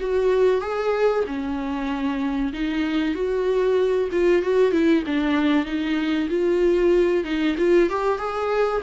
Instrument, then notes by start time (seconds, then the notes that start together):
viola
0.00 F#4
0.61 G#4
1.26 C#4
2.53 D#4
3.14 F#4
4.11 F4
4.42 F#4
4.72 E4
5.06 D4
5.65 D#4
6.29 F4
7.24 D#4
7.58 F4
7.89 G4
8.18 G#4